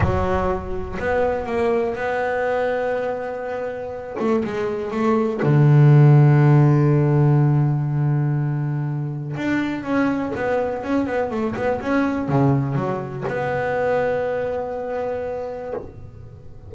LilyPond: \new Staff \with { instrumentName = "double bass" } { \time 4/4 \tempo 4 = 122 fis2 b4 ais4 | b1~ | b8 a8 gis4 a4 d4~ | d1~ |
d2. d'4 | cis'4 b4 cis'8 b8 a8 b8 | cis'4 cis4 fis4 b4~ | b1 | }